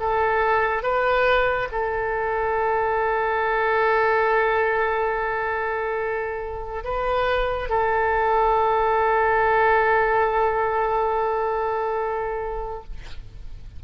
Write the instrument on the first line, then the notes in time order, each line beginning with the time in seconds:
oboe
0.00 A4
0.83 B4
1.71 A4
6.84 B4
7.69 A4